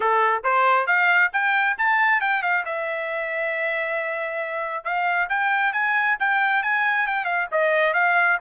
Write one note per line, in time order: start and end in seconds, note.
0.00 0.43 A4
0.43 0.86 C5
0.86 1.31 F5
1.32 1.76 G5
1.78 2.20 A5
2.20 2.42 G5
2.42 2.64 F5
2.65 4.84 E5
4.84 5.28 F5
5.29 5.72 G5
5.72 6.16 G#5
6.19 6.63 G5
6.63 7.06 G#5
7.06 7.25 G5
7.25 7.47 F5
7.51 7.93 D#5
7.93 8.37 F5